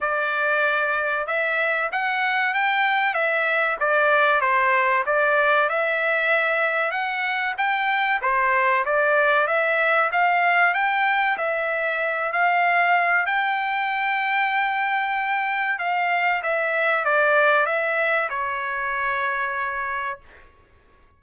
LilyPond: \new Staff \with { instrumentName = "trumpet" } { \time 4/4 \tempo 4 = 95 d''2 e''4 fis''4 | g''4 e''4 d''4 c''4 | d''4 e''2 fis''4 | g''4 c''4 d''4 e''4 |
f''4 g''4 e''4. f''8~ | f''4 g''2.~ | g''4 f''4 e''4 d''4 | e''4 cis''2. | }